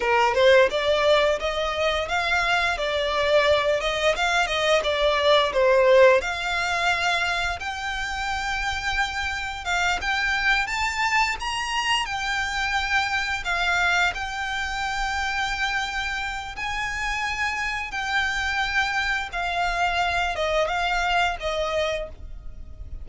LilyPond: \new Staff \with { instrumentName = "violin" } { \time 4/4 \tempo 4 = 87 ais'8 c''8 d''4 dis''4 f''4 | d''4. dis''8 f''8 dis''8 d''4 | c''4 f''2 g''4~ | g''2 f''8 g''4 a''8~ |
a''8 ais''4 g''2 f''8~ | f''8 g''2.~ g''8 | gis''2 g''2 | f''4. dis''8 f''4 dis''4 | }